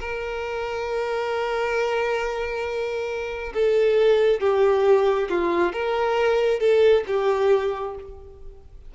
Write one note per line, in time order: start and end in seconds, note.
0.00 3.53 A#4
3.54 4.40 A4
4.40 5.29 G4
5.29 5.73 F4
5.73 6.60 A#4
6.60 7.04 A4
7.07 7.95 G4